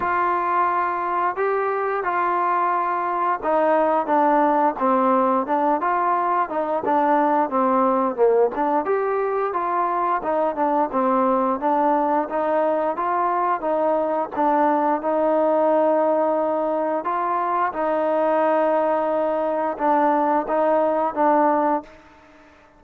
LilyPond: \new Staff \with { instrumentName = "trombone" } { \time 4/4 \tempo 4 = 88 f'2 g'4 f'4~ | f'4 dis'4 d'4 c'4 | d'8 f'4 dis'8 d'4 c'4 | ais8 d'8 g'4 f'4 dis'8 d'8 |
c'4 d'4 dis'4 f'4 | dis'4 d'4 dis'2~ | dis'4 f'4 dis'2~ | dis'4 d'4 dis'4 d'4 | }